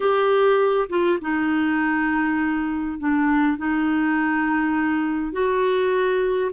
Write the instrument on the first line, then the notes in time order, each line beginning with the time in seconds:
clarinet
0.00 G4
0.89 F4
1.21 D#4
2.99 D4
3.57 D#4
5.32 F#4